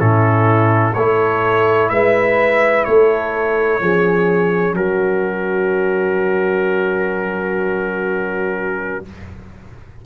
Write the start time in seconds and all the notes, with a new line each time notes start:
0.00 A2 C#4 E4 A4
0.94 A3 E4 A4 C#5
1.90 G#3 B4 E5
2.85 A3 A4 C#5
3.81 F3 C#4 G#4
4.74 F#3 F#4 A#4